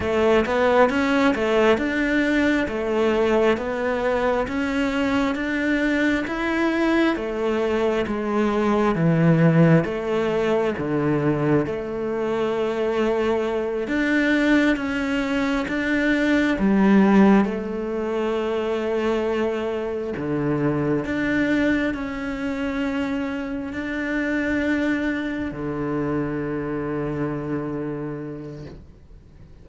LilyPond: \new Staff \with { instrumentName = "cello" } { \time 4/4 \tempo 4 = 67 a8 b8 cis'8 a8 d'4 a4 | b4 cis'4 d'4 e'4 | a4 gis4 e4 a4 | d4 a2~ a8 d'8~ |
d'8 cis'4 d'4 g4 a8~ | a2~ a8 d4 d'8~ | d'8 cis'2 d'4.~ | d'8 d2.~ d8 | }